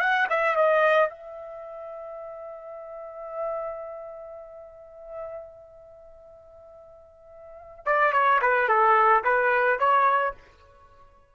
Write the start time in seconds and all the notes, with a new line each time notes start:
0.00 F#5
0.30 E5
0.56 D#5
1.10 E5
7.86 D5
8.12 C#5
8.42 B4
8.68 A4
9.24 B4
9.79 C#5